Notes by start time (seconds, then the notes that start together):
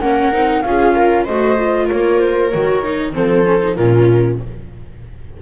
0.00 A#3 C#4 A#4 F#5
0.32 C4 D#4
0.62 C#4 F4 G#4 F5
0.95 A#4
1.24 A3 F#4 C5 D#5
1.57 F4
1.86 A#3 A#4 C#5
2.20 C5
2.49 D#3 F#4 C#5
2.83 D#4
3.12 F3 C4 A4 C5
3.45 C#4
3.61 D#4
3.75 A#2 C#4 F4 A#4